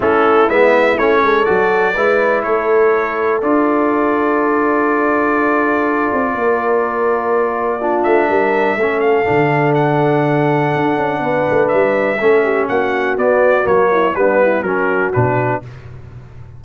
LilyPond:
<<
  \new Staff \with { instrumentName = "trumpet" } { \time 4/4 \tempo 4 = 123 a'4 e''4 cis''4 d''4~ | d''4 cis''2 d''4~ | d''1~ | d''1~ |
d''8 e''2 f''4. | fis''1 | e''2 fis''4 d''4 | cis''4 b'4 ais'4 b'4 | }
  \new Staff \with { instrumentName = "horn" } { \time 4/4 e'2~ e'8 a'4. | b'4 a'2.~ | a'1~ | a'4 ais'2. |
f'4 ais'4 a'2~ | a'2. b'4~ | b'4 a'8 g'8 fis'2~ | fis'8 e'8 d'8 e'8 fis'2 | }
  \new Staff \with { instrumentName = "trombone" } { \time 4/4 cis'4 b4 cis'4 fis'4 | e'2. f'4~ | f'1~ | f'1 |
d'2 cis'4 d'4~ | d'1~ | d'4 cis'2 b4 | ais4 b4 cis'4 d'4 | }
  \new Staff \with { instrumentName = "tuba" } { \time 4/4 a4 gis4 a8 gis8 fis4 | gis4 a2 d'4~ | d'1~ | d'8 c'8 ais2.~ |
ais8 a8 g4 a4 d4~ | d2 d'8 cis'8 b8 a8 | g4 a4 ais4 b4 | fis4 g4 fis4 b,4 | }
>>